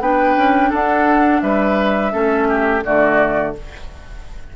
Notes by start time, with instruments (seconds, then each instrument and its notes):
0.00 bassoon B3, clarinet D4, oboe B4, flute G5
0.36 bassoon C#4
0.69 bassoon D4, oboe A4, flute F#5
1.41 bassoon G3, oboe B4, flute E5
2.11 bassoon A3, clarinet C#4, oboe A4
2.48 oboe G4
2.83 bassoon D3, clarinet A3, oboe F#4, flute D5